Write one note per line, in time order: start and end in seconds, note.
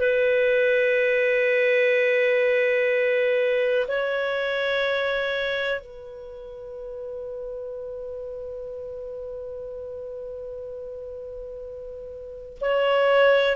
0.00 3.87 B4
3.88 5.81 C#5
5.81 12.59 B4
12.61 13.56 C#5